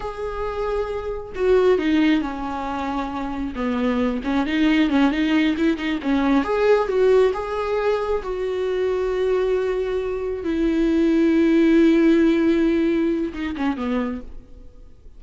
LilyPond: \new Staff \with { instrumentName = "viola" } { \time 4/4 \tempo 4 = 135 gis'2. fis'4 | dis'4 cis'2. | b4. cis'8 dis'4 cis'8 dis'8~ | dis'8 e'8 dis'8 cis'4 gis'4 fis'8~ |
fis'8 gis'2 fis'4.~ | fis'2.~ fis'8 e'8~ | e'1~ | e'2 dis'8 cis'8 b4 | }